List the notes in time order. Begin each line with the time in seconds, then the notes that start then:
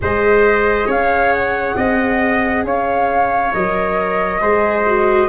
0.01 G#3 G#4 C5 D#5
0.86 C#4 C#5 F5
1.33 F#5
1.76 C4 D#5
2.64 C#4 C#5 F5
3.52 F#3 A#4 D#5
4.40 G#3 G#4 C5
4.86 F#4